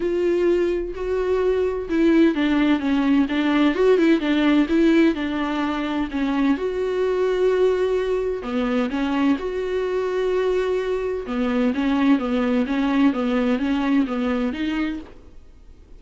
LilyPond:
\new Staff \with { instrumentName = "viola" } { \time 4/4 \tempo 4 = 128 f'2 fis'2 | e'4 d'4 cis'4 d'4 | fis'8 e'8 d'4 e'4 d'4~ | d'4 cis'4 fis'2~ |
fis'2 b4 cis'4 | fis'1 | b4 cis'4 b4 cis'4 | b4 cis'4 b4 dis'4 | }